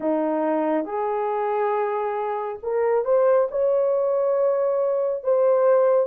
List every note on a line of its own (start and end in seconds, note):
0.00 0.85 D#4
0.85 2.59 G#4
2.62 3.04 A#4
3.04 3.48 C5
3.50 5.23 C#5
5.23 6.06 C5